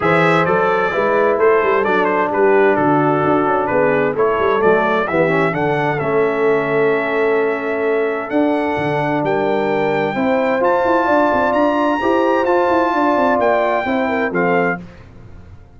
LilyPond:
<<
  \new Staff \with { instrumentName = "trumpet" } { \time 4/4 \tempo 4 = 130 e''4 d''2 c''4 | d''8 c''8 b'4 a'2 | b'4 cis''4 d''4 e''4 | fis''4 e''2.~ |
e''2 fis''2 | g''2. a''4~ | a''4 ais''2 a''4~ | a''4 g''2 f''4 | }
  \new Staff \with { instrumentName = "horn" } { \time 4/4 c''2 b'4 a'4~ | a'4 g'4 fis'2 | gis'4 a'2 g'4 | a'1~ |
a'1 | ais'2 c''2 | d''2 c''2 | d''2 c''8 ais'8 a'4 | }
  \new Staff \with { instrumentName = "trombone" } { \time 4/4 gis'4 a'4 e'2 | d'1~ | d'4 e'4 a4 b8 cis'8 | d'4 cis'2.~ |
cis'2 d'2~ | d'2 e'4 f'4~ | f'2 g'4 f'4~ | f'2 e'4 c'4 | }
  \new Staff \with { instrumentName = "tuba" } { \time 4/4 e4 fis4 gis4 a8 g8 | fis4 g4 d4 d'8 cis'8 | b4 a8 g8 fis4 e4 | d4 a2.~ |
a2 d'4 d4 | g2 c'4 f'8 e'8 | d'8 c'8 d'4 e'4 f'8 e'8 | d'8 c'8 ais4 c'4 f4 | }
>>